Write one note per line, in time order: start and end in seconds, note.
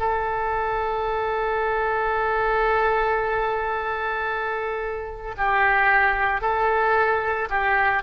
0.00 5.36 A4
5.38 6.41 G4
6.41 7.49 A4
7.50 8.03 G4